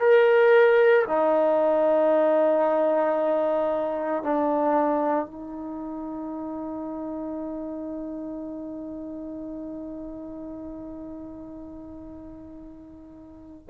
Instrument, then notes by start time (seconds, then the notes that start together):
trombone
0.00 A#4
1.08 D#4
4.23 D4
5.26 D#4